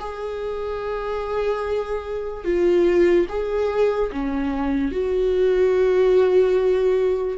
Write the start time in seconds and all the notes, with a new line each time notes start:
0.00 G#4
2.45 F4
3.29 G#4
4.12 C#4
4.92 F#4